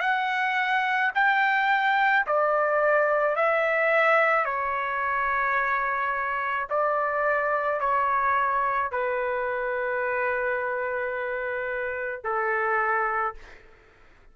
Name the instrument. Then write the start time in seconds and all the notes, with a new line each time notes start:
trumpet
0.00 F#5
1.15 G5
2.26 D5
3.36 E5
4.45 C#5
6.70 D5
7.80 C#5
8.91 B4
12.24 A4